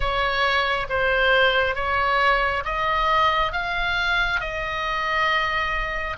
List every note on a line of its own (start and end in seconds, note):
0.00 0.87 C#5
0.89 1.75 C5
1.75 2.63 C#5
2.65 3.52 D#5
3.52 4.40 F5
4.40 6.16 D#5